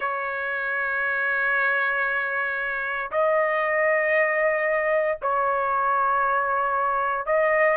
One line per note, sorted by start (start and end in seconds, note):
0.00 3.10 C#5
3.11 5.18 D#5
5.22 7.26 C#5
7.26 7.77 D#5